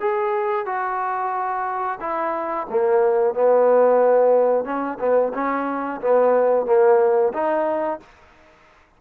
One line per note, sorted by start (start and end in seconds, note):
0.00 0.65 G#4
0.65 1.98 F#4
2.00 2.66 E4
2.69 3.34 A#3
3.34 4.64 B3
4.64 4.98 C#4
4.99 5.32 B3
5.33 6.00 C#4
6.01 6.65 B3
6.65 7.32 A#3
7.33 7.99 D#4